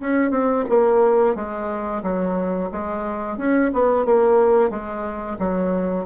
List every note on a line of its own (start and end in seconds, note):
0.00 0.31 C#4
0.31 0.65 C4
0.70 1.35 A#3
1.35 2.03 G#3
2.03 2.70 F#3
2.72 3.38 G#3
3.38 3.71 C#4
3.74 4.05 B3
4.05 4.70 A#3
4.70 5.37 G#3
5.39 6.06 F#3